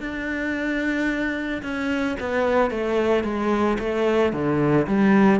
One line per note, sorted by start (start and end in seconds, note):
0.00 1.62 D4
1.63 2.17 C#4
2.20 2.71 B3
2.71 3.24 A3
3.24 3.78 G#3
3.79 4.32 A3
4.32 4.86 D3
4.87 5.40 G3